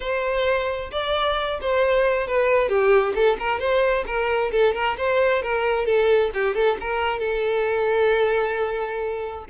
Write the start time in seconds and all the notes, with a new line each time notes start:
0.00 C5
0.91 D5
1.61 C5
2.27 B4
2.68 G4
3.14 A4
3.39 A#4
3.59 C5
4.06 A#4
4.51 A4
4.74 A#4
4.97 C5
5.42 A#4
5.85 A4
6.33 G4
6.54 A4
6.80 A#4
7.19 A4